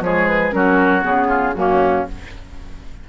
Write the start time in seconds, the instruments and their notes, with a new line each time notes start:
0.00 bassoon F3, clarinet G#3, oboe G#4, flute C#5
0.27 flute B4
0.51 bassoon F#3, clarinet C#4, oboe F#4, flute A#4
1.02 bassoon C#3, clarinet B3, flute G#4
1.28 oboe F4
1.54 bassoon F#2, clarinet A#3, oboe C#4, flute F#4